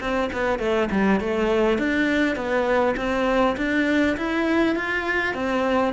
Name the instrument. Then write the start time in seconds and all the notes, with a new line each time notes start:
cello
0.00 C4
0.32 B3
0.59 A3
0.91 G3
1.20 A3
1.78 D4
2.36 B3
2.96 C4
3.57 D4
4.17 E4
4.76 F4
5.34 C4